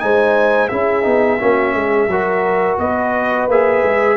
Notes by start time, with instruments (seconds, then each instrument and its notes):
0.00 tuba G#3, trombone D#4, horn C5, trumpet G#5
0.69 tuba C#4, trombone E4, horn G#4, trumpet E5
1.04 tuba B3, trombone D#4
1.40 tuba A#3, trombone C#4, horn F#4
1.75 tuba G#3, horn G#4
2.08 tuba F#3, trombone F#4, horn A#4
2.79 tuba B3, horn B4, trumpet D#5
3.48 tuba A#3, trombone G#4, trumpet E5
3.84 tuba G#3